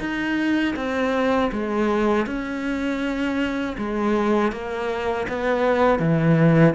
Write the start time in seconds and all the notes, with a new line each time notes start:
0.00 D#4
0.76 C4
1.52 G#3
2.27 C#4
3.78 G#3
4.52 A#3
5.29 B3
6.00 E3